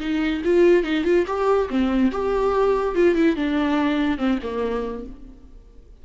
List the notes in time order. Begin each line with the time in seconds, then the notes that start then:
0.00 D#4
0.44 F4
0.84 D#4
1.04 F4
1.27 G4
1.69 C4
2.12 G4
2.95 F4
3.15 E4
3.36 D4
4.18 C4
4.43 A#3